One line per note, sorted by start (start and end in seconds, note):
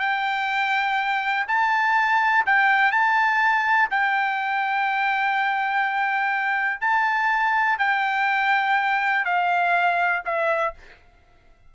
0.00 1.46 G5
1.48 2.45 A5
2.46 2.92 G5
2.92 3.89 A5
3.91 6.81 G5
6.81 7.78 A5
7.78 9.25 G5
9.25 10.23 F5
10.25 10.74 E5